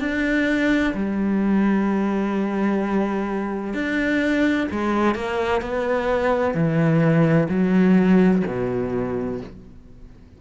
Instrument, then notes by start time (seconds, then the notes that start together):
cello
0.00 D4
0.94 G3
3.74 D4
4.72 G#3
5.15 A#3
5.61 B3
6.54 E3
7.49 F#3
8.47 B2